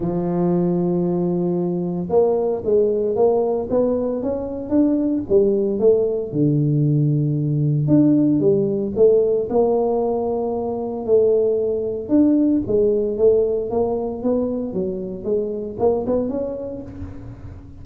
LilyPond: \new Staff \with { instrumentName = "tuba" } { \time 4/4 \tempo 4 = 114 f1 | ais4 gis4 ais4 b4 | cis'4 d'4 g4 a4 | d2. d'4 |
g4 a4 ais2~ | ais4 a2 d'4 | gis4 a4 ais4 b4 | fis4 gis4 ais8 b8 cis'4 | }